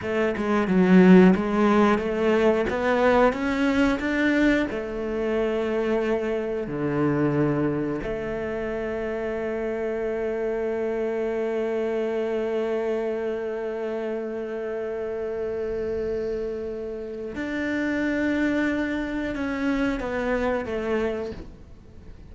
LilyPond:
\new Staff \with { instrumentName = "cello" } { \time 4/4 \tempo 4 = 90 a8 gis8 fis4 gis4 a4 | b4 cis'4 d'4 a4~ | a2 d2 | a1~ |
a1~ | a1~ | a2 d'2~ | d'4 cis'4 b4 a4 | }